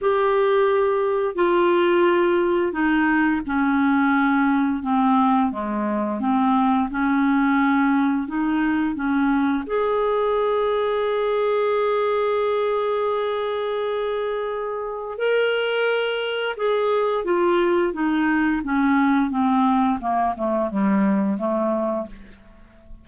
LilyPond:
\new Staff \with { instrumentName = "clarinet" } { \time 4/4 \tempo 4 = 87 g'2 f'2 | dis'4 cis'2 c'4 | gis4 c'4 cis'2 | dis'4 cis'4 gis'2~ |
gis'1~ | gis'2 ais'2 | gis'4 f'4 dis'4 cis'4 | c'4 ais8 a8 g4 a4 | }